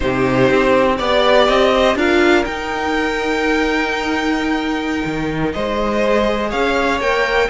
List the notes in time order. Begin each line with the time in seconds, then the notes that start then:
0.00 C3 D#4 G4 C5
0.50 C4
0.97 B3 G4 D5
1.47 C4 D#5
1.74 C5
1.95 D4 F4 A#4 F5
2.44 D#4 G5
5.05 D#3
5.53 G#3 C5 D#5
6.05 G#4
6.50 C#4 C#5 F5
6.99 A#3 A#4 G5